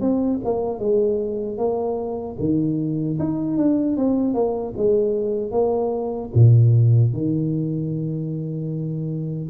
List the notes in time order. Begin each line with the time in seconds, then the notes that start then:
0.00 C4
0.44 A#3
0.79 G#3
1.58 A#3
2.39 D#3
3.19 D#4
3.57 D4
3.97 C4
4.34 A#3
4.77 G#3
5.51 A#3
6.34 A#2
7.13 D#3